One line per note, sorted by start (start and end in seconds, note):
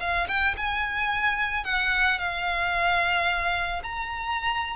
0.00 0.27 F5
0.28 0.55 G5
0.57 1.65 G#5
1.65 2.19 F#5
2.19 3.82 F5
3.83 4.76 A#5